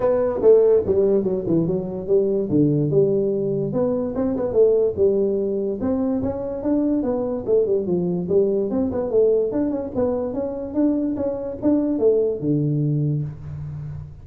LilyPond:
\new Staff \with { instrumentName = "tuba" } { \time 4/4 \tempo 4 = 145 b4 a4 g4 fis8 e8 | fis4 g4 d4 g4~ | g4 b4 c'8 b8 a4 | g2 c'4 cis'4 |
d'4 b4 a8 g8 f4 | g4 c'8 b8 a4 d'8 cis'8 | b4 cis'4 d'4 cis'4 | d'4 a4 d2 | }